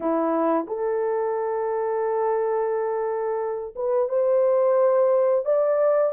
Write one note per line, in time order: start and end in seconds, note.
0.00 0.66 E4
0.67 3.74 A4
3.75 4.08 B4
4.08 5.45 C5
5.45 6.12 D5